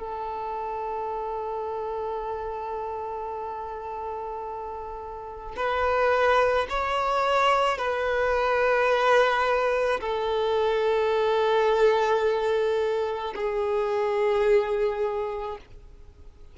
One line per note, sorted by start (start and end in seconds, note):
0.00 5.56 A4
5.56 6.67 B4
6.69 7.78 C#5
7.78 10.00 B4
10.01 13.34 A4
13.35 15.58 G#4